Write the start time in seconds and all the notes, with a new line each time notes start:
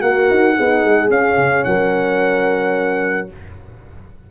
0.00 A#3 F#4 A#4 F#5
0.30 D#4
0.54 B3 D#4 G#4
0.84 G#3
1.09 C#4 F5
1.37 C#3
1.64 F#3 A#4 F#5